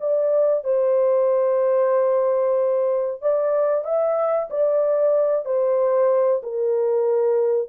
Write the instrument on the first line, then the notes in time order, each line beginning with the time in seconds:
horn
0.00 D5
0.64 C5
3.22 D5
3.84 E5
4.50 D5
5.45 C5
6.43 A#4